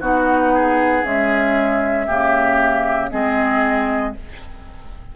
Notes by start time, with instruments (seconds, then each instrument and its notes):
0.00 bassoon B3, clarinet D#4, oboe F#4, flute F#5
0.54 oboe G#4
1.03 clarinet G#3, bassoon C#4, flute E5
2.06 bassoon C#3, clarinet A#3, oboe G4
3.10 bassoon G#3, clarinet C4, oboe G#4, flute D#5